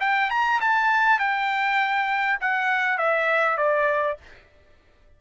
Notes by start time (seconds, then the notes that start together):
0.00 G5
0.30 A#5
0.60 A5
1.19 G5
2.41 F#5
2.98 E5
3.57 D5